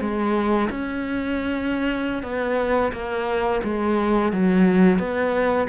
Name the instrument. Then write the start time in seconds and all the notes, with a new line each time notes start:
cello
0.00 G#3
0.70 C#4
2.23 B3
2.92 A#3
3.63 G#3
4.32 F#3
4.98 B3